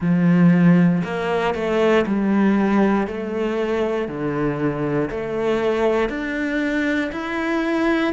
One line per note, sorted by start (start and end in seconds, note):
0.00 1.02 F3
1.04 1.54 A#3
1.54 2.05 A3
2.06 3.07 G3
3.07 4.07 A3
4.07 5.09 D3
5.10 6.09 A3
6.09 7.10 D4
7.12 8.13 E4